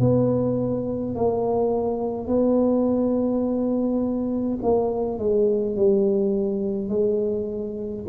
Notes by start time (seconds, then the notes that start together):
0.00 B3
1.15 A#3
2.27 B3
4.63 A#3
5.18 G#3
5.76 G3
6.89 G#3